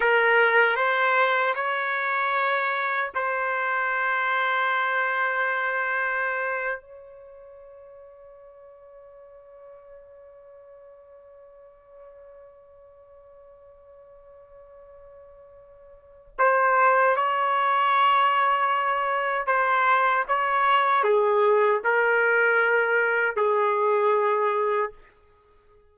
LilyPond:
\new Staff \with { instrumentName = "trumpet" } { \time 4/4 \tempo 4 = 77 ais'4 c''4 cis''2 | c''1~ | c''8. cis''2.~ cis''16~ | cis''1~ |
cis''1~ | cis''4 c''4 cis''2~ | cis''4 c''4 cis''4 gis'4 | ais'2 gis'2 | }